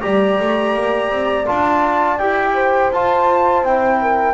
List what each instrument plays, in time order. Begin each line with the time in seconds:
0.00 double bass G3, trombone G4, horn D5, flute A#5
0.40 double bass A3
0.74 double bass A#3
1.10 double bass C4
1.46 double bass D4, trombone F4, flute A5
2.18 double bass E4, trombone G4, flute G5
2.53 horn C5
2.91 double bass F4, trombone F4, flute A5
3.62 double bass C4, trombone E4, flute G5
4.01 horn A#4